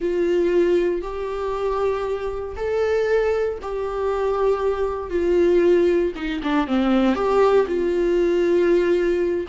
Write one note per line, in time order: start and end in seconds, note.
0.00 1.01 F4
1.01 2.55 G4
2.56 3.59 A4
3.62 5.10 G4
5.10 6.12 F4
6.15 6.41 D#4
6.43 6.67 D4
6.67 7.15 C4
7.15 7.66 G4
7.67 9.46 F4